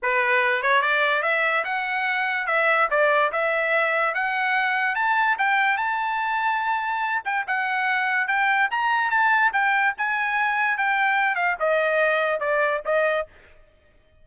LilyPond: \new Staff \with { instrumentName = "trumpet" } { \time 4/4 \tempo 4 = 145 b'4. cis''8 d''4 e''4 | fis''2 e''4 d''4 | e''2 fis''2 | a''4 g''4 a''2~ |
a''4. g''8 fis''2 | g''4 ais''4 a''4 g''4 | gis''2 g''4. f''8 | dis''2 d''4 dis''4 | }